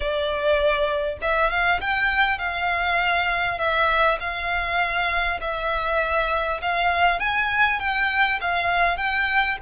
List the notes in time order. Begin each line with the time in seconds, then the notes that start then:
0.00 D5
1.21 E5
1.50 F5
1.80 G5
2.38 F5
3.58 E5
4.20 F5
5.40 E5
6.61 F5
7.19 G#5
7.79 G5
8.40 F5
8.97 G5